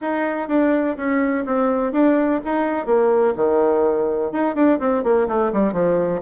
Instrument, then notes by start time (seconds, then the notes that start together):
bassoon
0.01 D#4
0.48 D4
0.96 C#4
1.45 C4
1.92 D4
2.44 D#4
2.86 A#3
3.36 D#3
4.32 D#4
4.55 D4
4.79 C4
5.03 A#3
5.28 A3
5.52 G3
5.73 F3